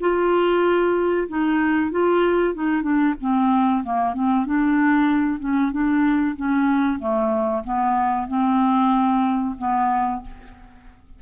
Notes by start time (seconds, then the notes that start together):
0.00 F4
1.28 D#4
1.90 F4
2.54 D#4
2.82 D4
3.20 C4
3.83 A#3
4.13 C4
4.45 D4
5.39 C#4
5.72 D4
6.36 C#4
6.99 A3
7.63 B3
8.27 C4
9.58 B3